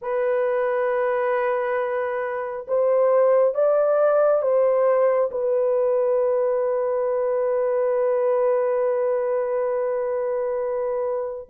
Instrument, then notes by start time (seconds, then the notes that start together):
horn
0.01 B4
2.67 C5
3.54 D5
4.42 C5
5.31 B4